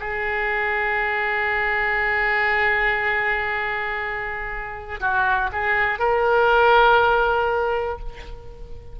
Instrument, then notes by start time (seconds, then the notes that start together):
oboe
0.00 G#4
5.00 F#4
5.52 G#4
5.99 A#4